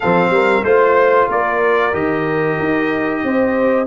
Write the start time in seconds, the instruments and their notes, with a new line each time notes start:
0.00 tuba F3, trombone C4, horn A4, trumpet F5
0.30 tuba G3, horn A#4
0.63 tuba A3, trombone F4, trumpet C5, horn C5
1.28 tuba A#3, horn A#4, trumpet D5
1.92 tuba D#3, trombone G4, trumpet D#5
2.59 tuba D#4
3.23 tuba C4, horn C5